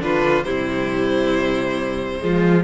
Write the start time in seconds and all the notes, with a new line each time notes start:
0.00 D3 D4 F4 B4
0.43 C3 G3 E4 C5
2.20 F3 G#3 F4